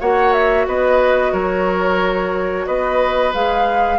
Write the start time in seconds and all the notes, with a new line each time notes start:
0.00 A#3 F#4 C#5 F#5
0.33 E5
0.67 B3 B4 D#5
1.32 F#3 A#4 C#5
2.66 B3 B4 D#5
3.34 G#3 G#4 F5